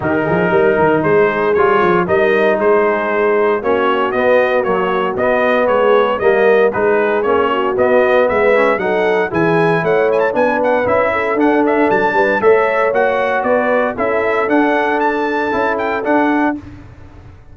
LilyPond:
<<
  \new Staff \with { instrumentName = "trumpet" } { \time 4/4 \tempo 4 = 116 ais'2 c''4 cis''4 | dis''4 c''2 cis''4 | dis''4 cis''4 dis''4 cis''4 | dis''4 b'4 cis''4 dis''4 |
e''4 fis''4 gis''4 fis''8 gis''16 a''16 | gis''8 fis''8 e''4 fis''8 e''8 a''4 | e''4 fis''4 d''4 e''4 | fis''4 a''4. g''8 fis''4 | }
  \new Staff \with { instrumentName = "horn" } { \time 4/4 g'8 gis'8 ais'4 gis'2 | ais'4 gis'2 fis'4~ | fis'2. gis'4 | ais'4 gis'4. fis'4. |
b'4 a'4 gis'4 cis''4 | b'4. a'2 b'8 | cis''2 b'4 a'4~ | a'1 | }
  \new Staff \with { instrumentName = "trombone" } { \time 4/4 dis'2. f'4 | dis'2. cis'4 | b4 fis4 b2 | ais4 dis'4 cis'4 b4~ |
b8 cis'8 dis'4 e'2 | d'4 e'4 d'2 | a'4 fis'2 e'4 | d'2 e'4 d'4 | }
  \new Staff \with { instrumentName = "tuba" } { \time 4/4 dis8 f8 g8 dis8 gis4 g8 f8 | g4 gis2 ais4 | b4 ais4 b4 gis4 | g4 gis4 ais4 b4 |
gis4 fis4 e4 a4 | b4 cis'4 d'4 fis8 g8 | a4 ais4 b4 cis'4 | d'2 cis'4 d'4 | }
>>